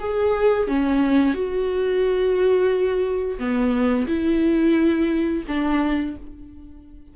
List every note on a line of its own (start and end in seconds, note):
0.00 0.68 G#4
0.68 1.35 C#4
1.35 3.39 F#4
3.39 4.07 B3
4.08 5.44 E4
5.48 6.16 D4